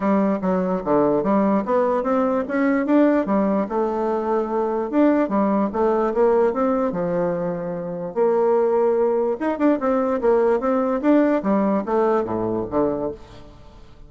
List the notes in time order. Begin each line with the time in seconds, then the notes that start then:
0.00 G3
0.41 F#3
0.84 D3
1.23 G3
1.65 B3
2.03 C4
2.47 C#4
2.86 D4
3.26 G3
3.68 A3
4.90 D4
5.29 G3
5.72 A3
6.14 A#3
6.53 C4
6.92 F3
8.14 A#3
9.40 D#4
9.58 D4
9.80 C4
10.21 A#3
10.60 C4
11.01 D4
11.42 G3
11.85 A3
12.24 A2
12.70 D3